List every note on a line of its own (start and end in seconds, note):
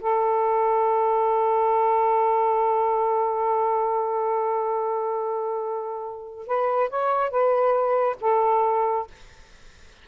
0.00 6.46 A4
6.46 6.89 B4
6.89 7.30 C#5
7.30 8.16 B4
8.20 9.07 A4